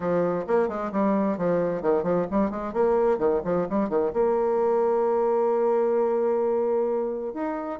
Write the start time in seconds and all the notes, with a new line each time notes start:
0.00 F3
0.47 A#3
0.68 G#3
0.91 G3
1.37 F3
1.82 D#3
2.03 F3
2.30 G3
2.50 G#3
2.73 A#3
3.18 D#3
3.44 F3
3.69 G3
3.89 D#3
4.13 A#3
7.33 D#4